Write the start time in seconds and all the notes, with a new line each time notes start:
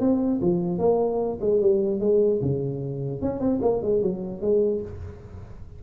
0.00 C4
0.42 F3
0.78 A#3
1.41 G#3
1.61 G3
2.00 G#3
2.42 C#3
3.22 C#4
3.40 C4
3.62 A#3
3.82 G#3
4.02 F#3
4.41 G#3